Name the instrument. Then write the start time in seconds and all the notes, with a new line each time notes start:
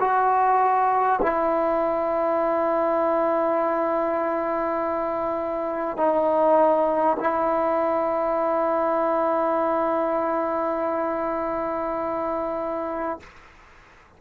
trombone
0.00 F#4
1.22 E4
5.97 D#4
7.19 E4